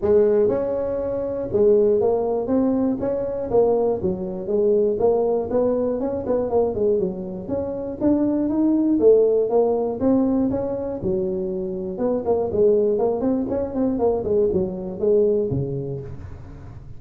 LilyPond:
\new Staff \with { instrumentName = "tuba" } { \time 4/4 \tempo 4 = 120 gis4 cis'2 gis4 | ais4 c'4 cis'4 ais4 | fis4 gis4 ais4 b4 | cis'8 b8 ais8 gis8 fis4 cis'4 |
d'4 dis'4 a4 ais4 | c'4 cis'4 fis2 | b8 ais8 gis4 ais8 c'8 cis'8 c'8 | ais8 gis8 fis4 gis4 cis4 | }